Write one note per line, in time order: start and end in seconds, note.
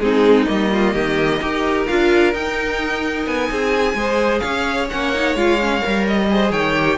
0.00 0.47 G#3
0.00 0.46 C4
0.00 0.73 D#4
0.00 0.46 G#4
0.46 0.95 G3
0.46 1.39 A#3
0.46 1.85 D#5
0.73 0.94 F4
0.94 1.41 D#3
0.94 1.40 G4
1.41 1.89 D#4
1.41 1.88 G4
1.41 3.51 A#4
1.87 2.34 D4
1.87 2.33 F4
1.87 2.34 F5
2.33 3.96 D#4
2.33 3.27 D#4
2.33 3.27 G5
3.27 3.50 B3
3.27 4.40 G#5
3.51 3.95 C4
3.51 3.98 G#4
3.95 4.41 G#3
3.95 4.90 G#4
3.95 4.42 C5
4.40 4.91 C#4
4.40 6.28 C#5
4.40 4.87 F5
4.90 5.35 A#3
4.90 5.15 C#4
4.90 5.37 F#5
5.15 5.37 D#4
5.35 5.82 G#3
5.35 5.60 F4
5.35 6.06 F5
5.61 5.81 C#4
5.81 6.52 G3
5.81 6.28 A#4
6.08 6.52 D#5
6.30 6.76 G#4
6.30 6.52 C5
6.52 6.98 D#3
6.52 6.98 C#5
6.52 6.99 G5
6.76 6.99 G4